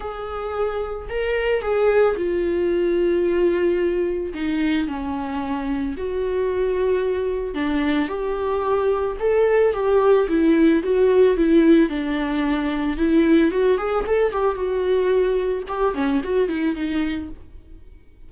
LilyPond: \new Staff \with { instrumentName = "viola" } { \time 4/4 \tempo 4 = 111 gis'2 ais'4 gis'4 | f'1 | dis'4 cis'2 fis'4~ | fis'2 d'4 g'4~ |
g'4 a'4 g'4 e'4 | fis'4 e'4 d'2 | e'4 fis'8 gis'8 a'8 g'8 fis'4~ | fis'4 g'8 cis'8 fis'8 e'8 dis'4 | }